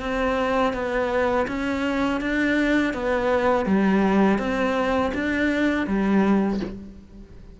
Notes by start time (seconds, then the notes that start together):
0.00 C4
0.73 B3
1.48 C#4
2.21 D4
2.94 B3
3.66 G3
4.38 C4
5.14 D4
5.87 G3